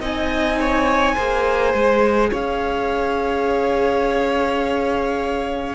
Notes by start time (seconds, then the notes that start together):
0.00 C4 D#4 D#5 G#5
0.60 C#5
1.15 A#3 G#4 C5
1.74 G#3
2.31 C#4 C#5 F5